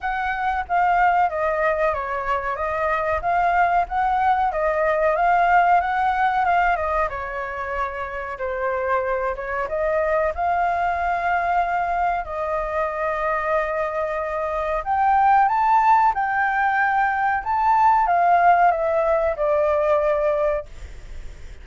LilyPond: \new Staff \with { instrumentName = "flute" } { \time 4/4 \tempo 4 = 93 fis''4 f''4 dis''4 cis''4 | dis''4 f''4 fis''4 dis''4 | f''4 fis''4 f''8 dis''8 cis''4~ | cis''4 c''4. cis''8 dis''4 |
f''2. dis''4~ | dis''2. g''4 | a''4 g''2 a''4 | f''4 e''4 d''2 | }